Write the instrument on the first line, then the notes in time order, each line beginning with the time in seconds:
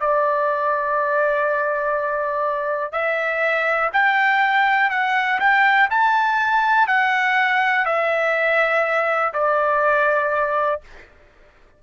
trumpet
0.00 D5
2.92 E5
3.93 G5
4.90 F#5
5.40 G5
5.90 A5
6.87 F#5
7.85 E5
9.33 D5